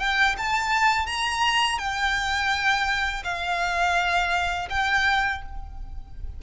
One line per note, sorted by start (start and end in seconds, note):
0.00 0.36 G5
0.38 1.07 A5
1.07 1.79 A#5
1.79 3.24 G5
3.24 4.69 F5
4.70 5.42 G5